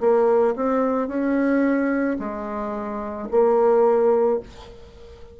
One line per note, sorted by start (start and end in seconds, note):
0.00 0.55 A#3
0.56 1.08 C4
1.08 2.17 C#4
2.19 3.28 G#3
3.31 4.40 A#3